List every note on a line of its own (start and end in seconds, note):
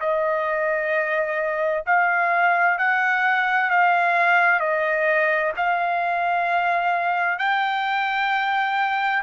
0.00 1.85 D#5
1.86 2.78 F5
2.78 3.70 F#5
3.70 4.60 F5
4.60 5.52 D#5
5.56 7.38 F5
7.38 9.23 G5